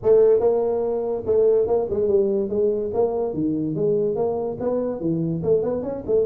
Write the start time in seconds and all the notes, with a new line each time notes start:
0.02 A3
0.40 A#3
1.26 A3
1.67 A#3
1.90 G#3
2.08 G3
2.49 G#3
2.93 A#3
3.33 D#3
3.75 G#3
4.15 A#3
4.60 B3
5.00 E3
5.43 A3
5.62 B3
5.83 C#4
6.06 A3